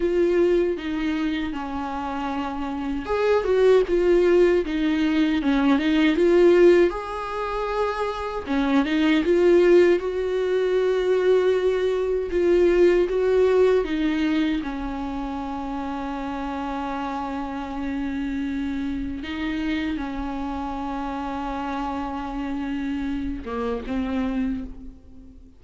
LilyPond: \new Staff \with { instrumentName = "viola" } { \time 4/4 \tempo 4 = 78 f'4 dis'4 cis'2 | gis'8 fis'8 f'4 dis'4 cis'8 dis'8 | f'4 gis'2 cis'8 dis'8 | f'4 fis'2. |
f'4 fis'4 dis'4 cis'4~ | cis'1~ | cis'4 dis'4 cis'2~ | cis'2~ cis'8 ais8 c'4 | }